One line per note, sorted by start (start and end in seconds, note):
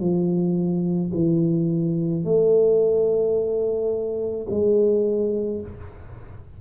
0.00 1.11 F3
1.13 2.24 E3
2.24 4.46 A3
4.49 5.61 G#3